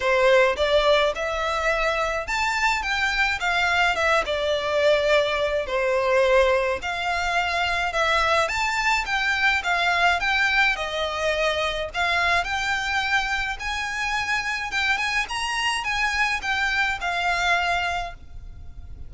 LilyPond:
\new Staff \with { instrumentName = "violin" } { \time 4/4 \tempo 4 = 106 c''4 d''4 e''2 | a''4 g''4 f''4 e''8 d''8~ | d''2 c''2 | f''2 e''4 a''4 |
g''4 f''4 g''4 dis''4~ | dis''4 f''4 g''2 | gis''2 g''8 gis''8 ais''4 | gis''4 g''4 f''2 | }